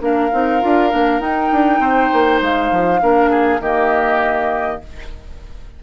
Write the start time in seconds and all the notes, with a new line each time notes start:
0.00 A#3 D4 A#4 F5
0.31 C4 D#4
0.61 D4 F4
0.90 A#3 D4
1.20 D#4 G5
1.52 D4
1.79 C4 C5
2.12 A#3
2.41 G#3 F5
2.71 F3
3.00 A#3 D4 A#4
3.30 G#4
3.60 D#3 A#3 G4 D#5